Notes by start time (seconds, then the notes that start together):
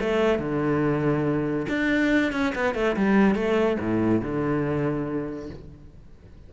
0.00 A3
0.39 D3
1.68 D4
2.32 C#4
2.55 B3
2.75 A3
2.96 G3
3.35 A3
3.80 A2
4.21 D3